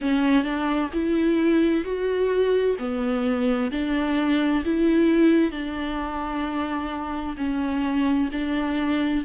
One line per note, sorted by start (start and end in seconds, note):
0.01 0.43 C#4
0.43 0.89 D4
0.93 1.84 E4
1.84 2.76 F#4
2.78 3.70 B3
3.71 4.63 D4
4.64 5.51 E4
5.51 7.36 D4
7.37 8.29 C#4
8.32 9.24 D4